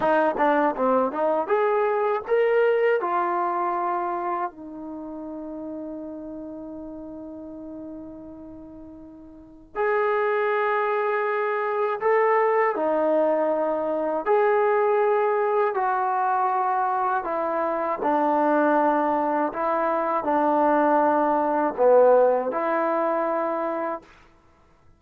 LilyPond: \new Staff \with { instrumentName = "trombone" } { \time 4/4 \tempo 4 = 80 dis'8 d'8 c'8 dis'8 gis'4 ais'4 | f'2 dis'2~ | dis'1~ | dis'4 gis'2. |
a'4 dis'2 gis'4~ | gis'4 fis'2 e'4 | d'2 e'4 d'4~ | d'4 b4 e'2 | }